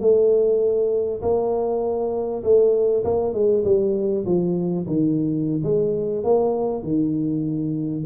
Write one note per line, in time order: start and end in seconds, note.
0.00 1.21 A3
1.21 2.43 A#3
2.43 3.04 A3
3.04 3.33 A#3
3.33 3.64 G#3
3.64 4.25 G3
4.26 4.86 F3
4.86 5.62 D#3
5.63 6.23 G#3
6.23 6.83 A#3
6.83 8.04 D#3